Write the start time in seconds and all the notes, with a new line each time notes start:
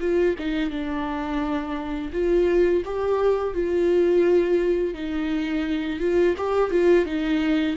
0.00 F4
0.39 D#4
0.70 D4
2.13 F4
2.85 G4
3.54 F4
4.94 D#4
6.00 F4
6.37 G4
6.71 F4
7.05 D#4